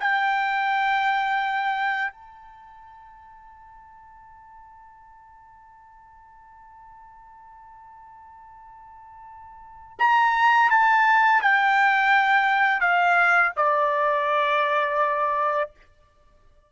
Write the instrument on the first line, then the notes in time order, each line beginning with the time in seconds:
trumpet
0.00 G5
2.13 A5
9.99 A#5
10.71 A5
11.42 G5
12.81 F5
13.56 D5